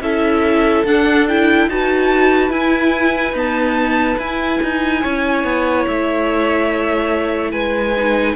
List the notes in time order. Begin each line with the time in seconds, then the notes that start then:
0.00 C#4 E4 A4 E5
0.84 D4 F#5
1.28 E4 G5
1.67 D#4 F#4 B4 A5
2.49 E4 G#5
3.32 B3 D#4 A5
4.18 E4 G#5
4.62 D#4
5.02 C#4 C#5
5.44 B3
5.87 A3 E5
7.51 G#3 B4 G#5
7.97 D#4